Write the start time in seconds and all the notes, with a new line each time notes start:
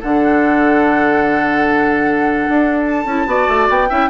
0.00 D3 D4 A4 F#5
2.49 D4
2.85 A5
3.05 C#4 E4
3.26 B3 F#4 D5
3.48 A3
3.69 B3 G5
3.89 C#4 E4 E5